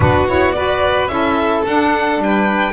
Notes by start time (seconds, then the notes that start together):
0.00 B3 D4 F#4 B4
0.27 E4 C#5
0.51 F#4 B4 D5
1.07 C#4 E4 A4 E5
1.66 D4 F#5
2.17 G3 G5
2.24 B4